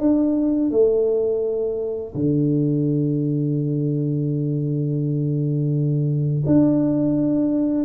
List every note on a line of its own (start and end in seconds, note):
0.00 0.71 D4
0.71 2.14 A3
2.15 6.44 D3
6.46 7.85 D4